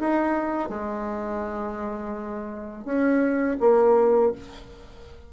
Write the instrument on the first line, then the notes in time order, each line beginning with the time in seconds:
bassoon
0.00 D#4
0.70 G#3
2.85 C#4
3.60 A#3